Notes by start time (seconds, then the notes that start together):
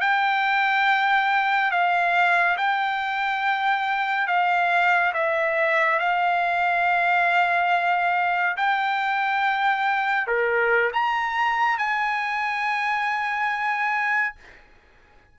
0.00 G5
1.71 F5
2.57 G5
4.27 F5
5.14 E5
5.99 F5
8.56 G5
10.27 A#4
10.93 A#5
11.78 G#5